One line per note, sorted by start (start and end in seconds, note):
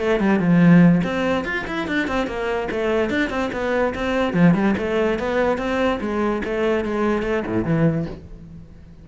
0.00 0.20 A3
0.20 0.40 G3
0.40 1.02 F3
1.04 1.45 C4
1.45 1.66 F4
1.67 1.88 E4
1.88 2.08 D4
2.08 2.27 C4
2.27 2.69 A#3
2.71 3.10 A3
3.10 3.30 D4
3.30 3.51 C4
3.53 3.94 B3
3.95 4.34 C4
4.34 4.54 F3
4.54 4.75 G3
4.78 5.19 A3
5.19 5.58 B3
5.58 6.00 C4
6.01 6.42 G#3
6.45 6.85 A3
6.85 7.23 G#3
7.23 7.44 A3
7.47 7.65 A2
7.65 8.06 E3